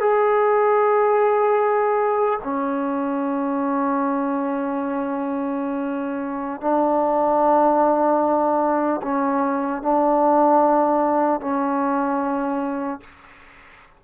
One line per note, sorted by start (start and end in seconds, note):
0.00 2.40 G#4
2.44 6.61 C#4
6.61 9.01 D4
9.02 9.82 C#4
9.82 11.41 D4
11.41 13.01 C#4